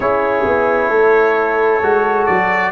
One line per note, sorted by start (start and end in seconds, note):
0.00 0.44 C#4
0.00 1.82 E4
0.00 0.89 G#4
0.00 2.26 C#5
0.45 0.90 B3
0.89 1.80 A3
0.89 2.71 A4
1.82 2.27 G#3
1.82 2.71 F#4
2.26 2.71 F#3
2.26 2.71 D5